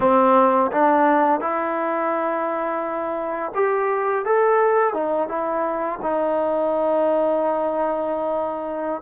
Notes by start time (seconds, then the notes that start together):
0.00 C4
0.71 D4
1.40 E4
3.55 G4
4.25 A4
4.93 D#4
5.28 E4
6.02 D#4